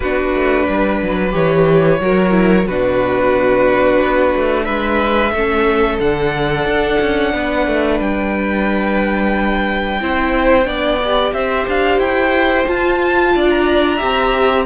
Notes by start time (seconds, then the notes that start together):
0.00 B3 D4 F#4 B4
0.34 A3
0.66 G3 B4
1.02 F#3
1.31 E3 G4 C#5
2.00 F#3 F#4 A#4
2.30 E4
2.67 B2 D4 F#4 B4
4.01 B3
4.35 A3
4.65 G#3 B4 E5
5.32 A3 C#4 A4
5.99 D3 D4 F#5
6.65 D4
7.00 C#4
7.33 B3 B4
7.67 A3
8.00 G3 G5
10.01 C4 E4 C5
10.64 B3 D4 D5
11.03 G4
11.32 C4 C5 E5
11.68 D4 F5
11.98 E4 G5
12.65 F4 A5
13.34 D4 D5
13.49 A#5
13.96 C4 G4 E5